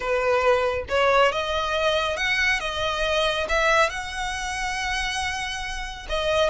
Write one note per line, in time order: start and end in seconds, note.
0.00 0.84 B4
0.88 1.32 C#5
1.32 2.16 D#5
2.16 2.59 F#5
2.59 3.46 D#5
3.49 3.89 E5
3.89 6.07 F#5
6.09 6.49 D#5